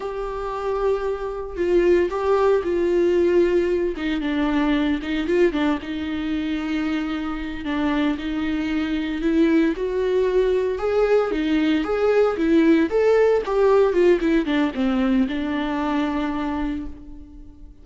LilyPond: \new Staff \with { instrumentName = "viola" } { \time 4/4 \tempo 4 = 114 g'2. f'4 | g'4 f'2~ f'8 dis'8 | d'4. dis'8 f'8 d'8 dis'4~ | dis'2~ dis'8 d'4 dis'8~ |
dis'4. e'4 fis'4.~ | fis'8 gis'4 dis'4 gis'4 e'8~ | e'8 a'4 g'4 f'8 e'8 d'8 | c'4 d'2. | }